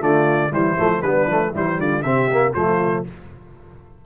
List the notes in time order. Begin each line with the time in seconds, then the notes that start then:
0.00 D3 A3 F4 D5
0.50 E3 G3 E4 C5
0.78 F3 A3
1.01 G3 B3 D4 B4
1.26 F3 A3
1.52 E3 G3 E4 C5
1.79 D3 F4 D5
2.02 C3 C4 G4 E5
2.31 A#3
2.53 F3 A3 F4 C5